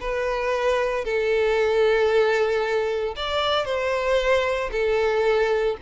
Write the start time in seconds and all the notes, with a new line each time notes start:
0.00 B4
1.05 A4
3.16 D5
3.65 C5
4.72 A4